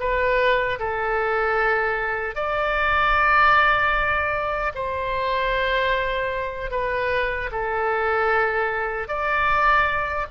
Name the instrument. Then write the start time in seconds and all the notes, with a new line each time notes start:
oboe
0.00 B4
0.79 A4
2.35 D5
4.75 C5
6.71 B4
7.52 A4
9.08 D5